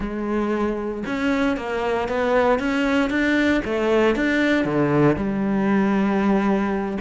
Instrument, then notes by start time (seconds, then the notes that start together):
cello
0.00 G#3
1.06 C#4
1.56 A#3
2.08 B3
2.59 C#4
3.09 D4
3.64 A3
4.15 D4
4.64 D3
5.16 G3